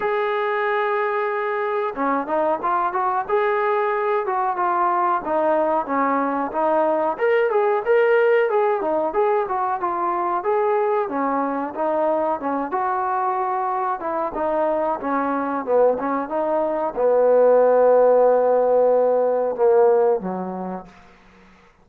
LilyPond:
\new Staff \with { instrumentName = "trombone" } { \time 4/4 \tempo 4 = 92 gis'2. cis'8 dis'8 | f'8 fis'8 gis'4. fis'8 f'4 | dis'4 cis'4 dis'4 ais'8 gis'8 | ais'4 gis'8 dis'8 gis'8 fis'8 f'4 |
gis'4 cis'4 dis'4 cis'8 fis'8~ | fis'4. e'8 dis'4 cis'4 | b8 cis'8 dis'4 b2~ | b2 ais4 fis4 | }